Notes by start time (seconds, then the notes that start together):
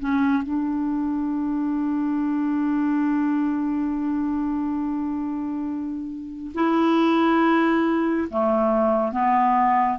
0.00 C#4
0.43 D4
6.55 E4
8.30 A3
9.12 B3